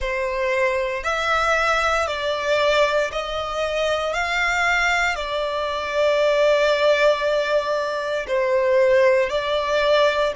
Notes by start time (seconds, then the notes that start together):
0.00 C5
1.03 E5
2.07 D5
3.11 D#5
4.13 F5
5.15 D5
8.28 C5
9.29 D5